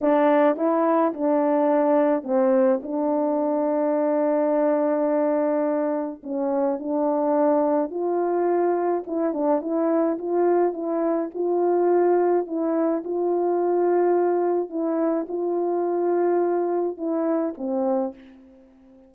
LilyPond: \new Staff \with { instrumentName = "horn" } { \time 4/4 \tempo 4 = 106 d'4 e'4 d'2 | c'4 d'2.~ | d'2. cis'4 | d'2 f'2 |
e'8 d'8 e'4 f'4 e'4 | f'2 e'4 f'4~ | f'2 e'4 f'4~ | f'2 e'4 c'4 | }